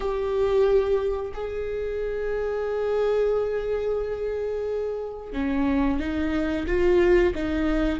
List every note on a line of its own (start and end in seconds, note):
0.00 1.32 G4
1.33 5.32 G#4
5.32 5.99 C#4
5.99 6.66 D#4
6.67 7.33 F4
7.35 7.99 D#4